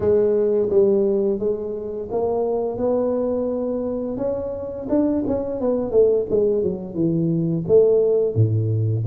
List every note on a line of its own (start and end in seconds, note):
0.00 0.69 G#3
0.69 1.39 G3
1.39 2.08 G#3
2.11 2.77 A#3
2.77 4.17 B3
4.17 4.87 C#4
4.89 5.24 D4
5.27 5.60 C#4
5.60 5.91 B3
5.91 6.26 A3
6.30 6.63 G#3
6.63 6.94 F#3
6.94 7.64 E3
7.67 8.35 A3
8.35 9.04 A2